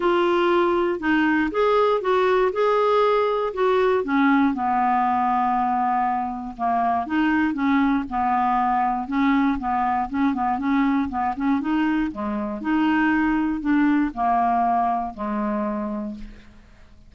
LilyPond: \new Staff \with { instrumentName = "clarinet" } { \time 4/4 \tempo 4 = 119 f'2 dis'4 gis'4 | fis'4 gis'2 fis'4 | cis'4 b2.~ | b4 ais4 dis'4 cis'4 |
b2 cis'4 b4 | cis'8 b8 cis'4 b8 cis'8 dis'4 | gis4 dis'2 d'4 | ais2 gis2 | }